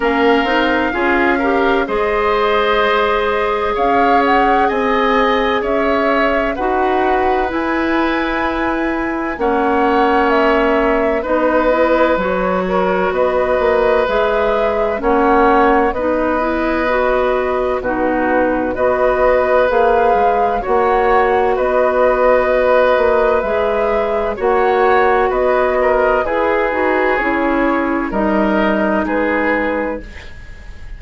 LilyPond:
<<
  \new Staff \with { instrumentName = "flute" } { \time 4/4 \tempo 4 = 64 f''2 dis''2 | f''8 fis''8 gis''4 e''4 fis''4 | gis''2 fis''4 e''4 | dis''4 cis''4 dis''4 e''4 |
fis''4 dis''2 b'4 | dis''4 f''4 fis''4 dis''4~ | dis''4 e''4 fis''4 dis''4 | b'4 cis''4 dis''4 b'4 | }
  \new Staff \with { instrumentName = "oboe" } { \time 4/4 ais'4 gis'8 ais'8 c''2 | cis''4 dis''4 cis''4 b'4~ | b'2 cis''2 | b'4. ais'8 b'2 |
cis''4 b'2 fis'4 | b'2 cis''4 b'4~ | b'2 cis''4 b'8 ais'8 | gis'2 ais'4 gis'4 | }
  \new Staff \with { instrumentName = "clarinet" } { \time 4/4 cis'8 dis'8 f'8 g'8 gis'2~ | gis'2. fis'4 | e'2 cis'2 | dis'8 e'8 fis'2 gis'4 |
cis'4 dis'8 e'8 fis'4 dis'4 | fis'4 gis'4 fis'2~ | fis'4 gis'4 fis'2 | gis'8 fis'8 e'4 dis'2 | }
  \new Staff \with { instrumentName = "bassoon" } { \time 4/4 ais8 c'8 cis'4 gis2 | cis'4 c'4 cis'4 dis'4 | e'2 ais2 | b4 fis4 b8 ais8 gis4 |
ais4 b2 b,4 | b4 ais8 gis8 ais4 b4~ | b8 ais8 gis4 ais4 b4 | e'8 dis'8 cis'4 g4 gis4 | }
>>